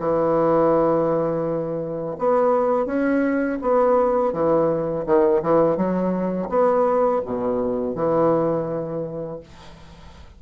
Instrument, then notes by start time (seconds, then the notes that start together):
bassoon
0.00 E3
2.19 B3
2.86 C#4
3.62 B3
4.33 E3
5.06 D#3
5.42 E3
5.77 F#3
6.49 B3
7.26 B2
7.95 E3